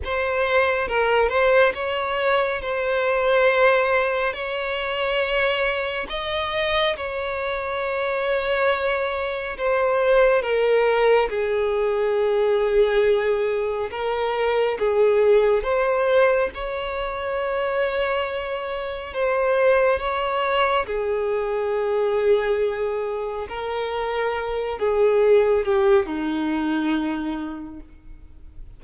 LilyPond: \new Staff \with { instrumentName = "violin" } { \time 4/4 \tempo 4 = 69 c''4 ais'8 c''8 cis''4 c''4~ | c''4 cis''2 dis''4 | cis''2. c''4 | ais'4 gis'2. |
ais'4 gis'4 c''4 cis''4~ | cis''2 c''4 cis''4 | gis'2. ais'4~ | ais'8 gis'4 g'8 dis'2 | }